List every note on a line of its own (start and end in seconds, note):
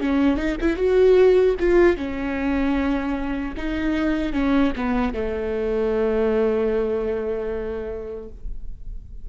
0.00 0.37 C#4
0.37 0.56 D#4
0.61 0.76 E4
0.76 1.55 F#4
1.60 1.97 F4
1.97 3.55 C#4
3.57 4.33 D#4
4.33 4.72 C#4
4.76 5.13 B3
5.13 8.29 A3